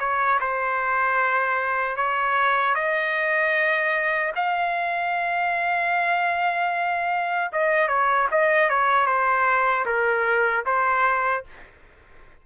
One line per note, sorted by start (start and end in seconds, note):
0.00 0.39 C#5
0.41 1.97 C5
1.97 2.75 C#5
2.75 4.33 D#5
4.36 7.52 F5
7.53 7.88 D#5
7.88 8.28 C#5
8.31 8.70 D#5
8.70 9.07 C#5
9.07 9.86 C5
9.86 10.65 A#4
10.66 11.45 C5